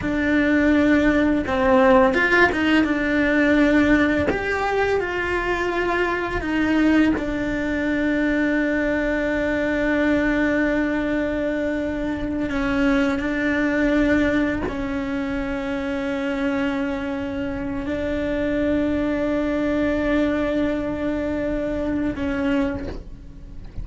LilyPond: \new Staff \with { instrumentName = "cello" } { \time 4/4 \tempo 4 = 84 d'2 c'4 f'8 dis'8 | d'2 g'4 f'4~ | f'4 dis'4 d'2~ | d'1~ |
d'4. cis'4 d'4.~ | d'8 cis'2.~ cis'8~ | cis'4 d'2.~ | d'2. cis'4 | }